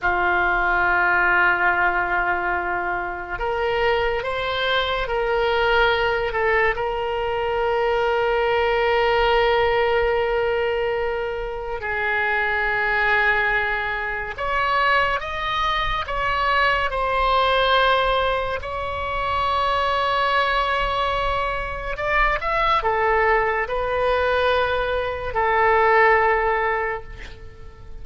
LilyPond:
\new Staff \with { instrumentName = "oboe" } { \time 4/4 \tempo 4 = 71 f'1 | ais'4 c''4 ais'4. a'8 | ais'1~ | ais'2 gis'2~ |
gis'4 cis''4 dis''4 cis''4 | c''2 cis''2~ | cis''2 d''8 e''8 a'4 | b'2 a'2 | }